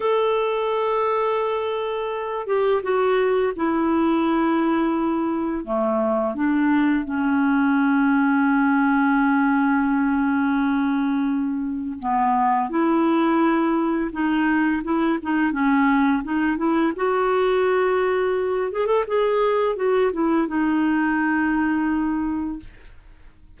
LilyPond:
\new Staff \with { instrumentName = "clarinet" } { \time 4/4 \tempo 4 = 85 a'2.~ a'8 g'8 | fis'4 e'2. | a4 d'4 cis'2~ | cis'1~ |
cis'4 b4 e'2 | dis'4 e'8 dis'8 cis'4 dis'8 e'8 | fis'2~ fis'8 gis'16 a'16 gis'4 | fis'8 e'8 dis'2. | }